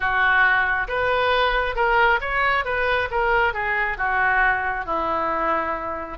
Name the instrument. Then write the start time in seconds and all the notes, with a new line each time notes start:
oboe
0.00 F#4
0.88 B4
1.75 A#4
2.21 C#5
2.64 B4
3.11 A#4
3.53 G#4
3.97 F#4
4.85 E4